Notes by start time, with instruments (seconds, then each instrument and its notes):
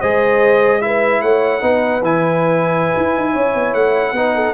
0.00 tuba G#3, trombone G#4, horn C5, trumpet D#5
0.81 trombone E4, horn B4, trumpet E5
1.21 tuba A3, horn C#5, trumpet F#5
1.60 tuba B3, trombone D#4, horn B4
2.01 tuba E3, trombone E4, trumpet G#5
2.97 tuba E4
3.16 tuba D#4
3.32 tuba C#4, horn C#5
3.54 tuba B3
3.74 tuba A3, trumpet F#5
4.12 tuba B3, trombone D#4, horn B4
4.35 horn A4